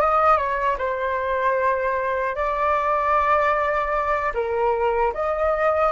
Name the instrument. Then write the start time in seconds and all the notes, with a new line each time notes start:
flute
0.00 D#5
0.37 C#5
0.78 C5
2.35 D5
4.34 A#4
5.14 D#5